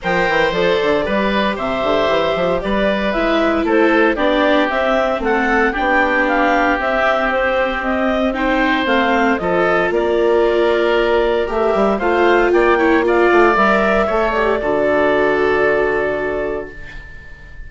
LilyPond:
<<
  \new Staff \with { instrumentName = "clarinet" } { \time 4/4 \tempo 4 = 115 g''4 d''2 e''4~ | e''4 d''4 e''4 c''4 | d''4 e''4 fis''4 g''4 | f''4 e''4 c''4 dis''4 |
g''4 f''4 dis''4 d''4~ | d''2 e''4 f''4 | g''4 f''4 e''4. d''8~ | d''1 | }
  \new Staff \with { instrumentName = "oboe" } { \time 4/4 c''2 b'4 c''4~ | c''4 b'2 a'4 | g'2 a'4 g'4~ | g'1 |
c''2 a'4 ais'4~ | ais'2. c''4 | d''8 cis''8 d''2 cis''4 | a'1 | }
  \new Staff \with { instrumentName = "viola" } { \time 4/4 ais'4 a'4 g'2~ | g'2 e'2 | d'4 c'2 d'4~ | d'4 c'2. |
dis'4 c'4 f'2~ | f'2 g'4 f'4~ | f'8 e'8 f'4 ais'4 a'8 g'8 | fis'1 | }
  \new Staff \with { instrumentName = "bassoon" } { \time 4/4 f8 e8 f8 d8 g4 c8 d8 | e8 f8 g4 gis4 a4 | b4 c'4 a4 b4~ | b4 c'2.~ |
c'4 a4 f4 ais4~ | ais2 a8 g8 a4 | ais4. a8 g4 a4 | d1 | }
>>